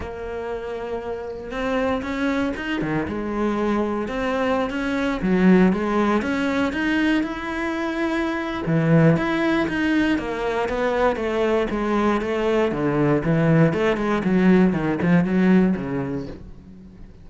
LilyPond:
\new Staff \with { instrumentName = "cello" } { \time 4/4 \tempo 4 = 118 ais2. c'4 | cis'4 dis'8 dis8 gis2 | c'4~ c'16 cis'4 fis4 gis8.~ | gis16 cis'4 dis'4 e'4.~ e'16~ |
e'4 e4 e'4 dis'4 | ais4 b4 a4 gis4 | a4 d4 e4 a8 gis8 | fis4 dis8 f8 fis4 cis4 | }